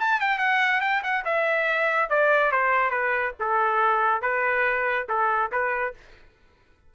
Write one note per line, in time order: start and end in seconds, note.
0.00 0.21 A5
0.21 0.39 G5
0.39 0.81 F#5
0.81 1.03 G5
1.04 1.25 F#5
1.25 2.10 E5
2.10 2.52 D5
2.52 2.91 C5
2.91 3.33 B4
3.40 4.22 A4
4.22 5.08 B4
5.09 5.52 A4
5.52 5.95 B4